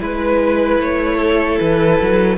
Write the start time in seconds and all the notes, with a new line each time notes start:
0.00 G#3 E4 B4
0.80 A3 C#5
1.17 A4
1.59 E3 B4
2.02 F#3